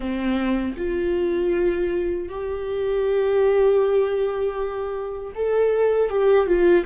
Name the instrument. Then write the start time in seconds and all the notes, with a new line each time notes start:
viola
0.00 C4
0.77 F4
2.29 G4
5.35 A4
6.09 G4
6.46 F4